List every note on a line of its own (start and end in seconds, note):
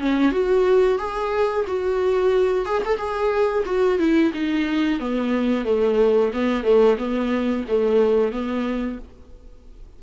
0.00 0.32 C#4
0.32 0.98 F#4
0.98 1.65 G#4
1.67 2.66 F#4
2.66 2.82 G#4
2.85 2.97 A4
2.97 3.64 G#4
3.65 3.98 F#4
3.98 4.32 E4
4.34 4.99 D#4
4.99 5.65 B3
5.65 6.32 A3
6.33 6.64 B3
6.64 6.97 A3
6.98 7.65 B3
7.68 8.32 A3
8.32 8.99 B3